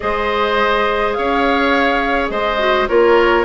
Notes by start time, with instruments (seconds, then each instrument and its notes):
0.00 bassoon G#3, clarinet G#4, oboe C5, flute D#5
1.13 bassoon C#4, oboe C#5, flute F5
2.29 bassoon G#3, oboe C5, flute D#5
2.58 clarinet F#4
2.88 bassoon A#3, clarinet F4, oboe A#4, flute C#5